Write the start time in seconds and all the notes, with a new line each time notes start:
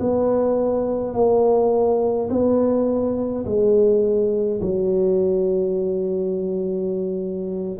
0.00 B3
1.14 A#3
2.30 B3
3.46 G#3
4.62 F#3